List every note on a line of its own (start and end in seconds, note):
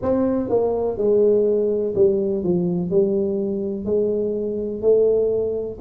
0.01 0.49 C4
0.49 0.97 A#3
0.97 1.94 G#3
1.95 2.43 G3
2.43 2.90 F3
2.90 3.85 G3
3.85 4.81 G#3
4.81 5.78 A3